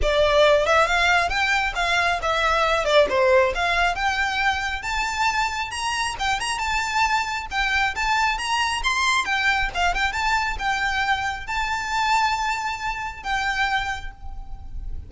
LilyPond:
\new Staff \with { instrumentName = "violin" } { \time 4/4 \tempo 4 = 136 d''4. e''8 f''4 g''4 | f''4 e''4. d''8 c''4 | f''4 g''2 a''4~ | a''4 ais''4 g''8 ais''8 a''4~ |
a''4 g''4 a''4 ais''4 | c'''4 g''4 f''8 g''8 a''4 | g''2 a''2~ | a''2 g''2 | }